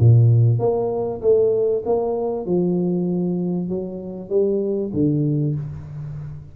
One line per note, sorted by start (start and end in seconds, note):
0.00 0.60 A#2
0.60 1.21 A#3
1.22 1.84 A3
1.86 2.46 A#3
2.46 3.69 F3
3.69 4.30 F#3
4.30 4.92 G3
4.94 5.56 D3